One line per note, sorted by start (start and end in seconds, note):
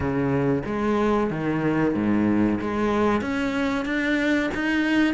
0.00 0.62 C#3
0.65 1.30 G#3
1.30 1.94 D#3
1.94 2.59 G#2
2.60 3.21 G#3
3.21 3.85 C#4
3.85 4.50 D4
4.54 5.14 D#4